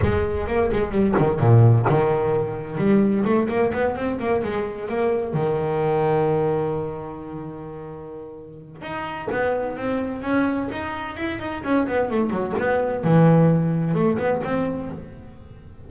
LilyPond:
\new Staff \with { instrumentName = "double bass" } { \time 4/4 \tempo 4 = 129 gis4 ais8 gis8 g8 dis8 ais,4 | dis2 g4 a8 ais8 | b8 c'8 ais8 gis4 ais4 dis8~ | dis1~ |
dis2. dis'4 | b4 c'4 cis'4 dis'4 | e'8 dis'8 cis'8 b8 a8 fis8 b4 | e2 a8 b8 c'4 | }